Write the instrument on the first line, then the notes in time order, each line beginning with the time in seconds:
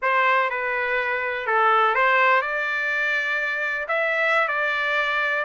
trumpet
0.02 C5
0.50 B4
1.46 A4
1.94 C5
2.41 D5
3.88 E5
4.48 D5